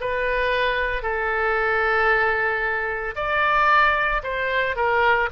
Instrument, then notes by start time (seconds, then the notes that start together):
oboe
0.00 B4
1.02 A4
3.15 D5
4.23 C5
4.76 A#4